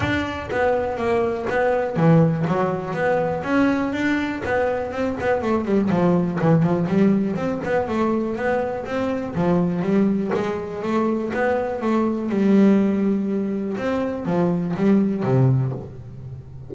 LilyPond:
\new Staff \with { instrumentName = "double bass" } { \time 4/4 \tempo 4 = 122 d'4 b4 ais4 b4 | e4 fis4 b4 cis'4 | d'4 b4 c'8 b8 a8 g8 | f4 e8 f8 g4 c'8 b8 |
a4 b4 c'4 f4 | g4 gis4 a4 b4 | a4 g2. | c'4 f4 g4 c4 | }